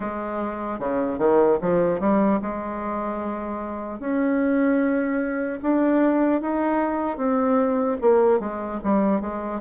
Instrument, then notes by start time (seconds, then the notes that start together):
bassoon
0.00 G#3
0.79 C#3
1.18 D#3
1.61 F3
2.00 G3
2.41 G#3
3.99 C#4
5.62 D4
6.41 D#4
7.17 C4
8.01 A#3
8.39 G#3
8.83 G3
9.20 G#3